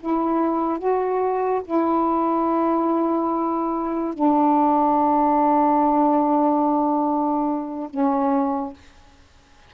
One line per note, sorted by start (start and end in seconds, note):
0.00 0.78 E4
0.78 1.62 F#4
1.65 4.14 E4
4.14 7.89 D4
7.90 8.73 C#4